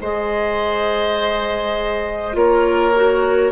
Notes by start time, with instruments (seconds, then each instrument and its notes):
0.00 bassoon G#3, clarinet G#4, oboe C5, flute D#5
2.33 bassoon A#3, clarinet F4, oboe A#4, flute C#5
2.96 clarinet F#4